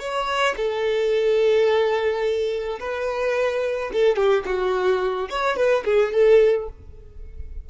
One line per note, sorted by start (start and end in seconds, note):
0.00 0.56 C#5
0.57 2.80 A4
2.80 3.91 B4
3.93 4.17 A4
4.17 4.44 G4
4.46 5.29 F#4
5.30 5.57 C#5
5.57 5.84 B4
5.85 6.13 G#4
6.13 6.69 A4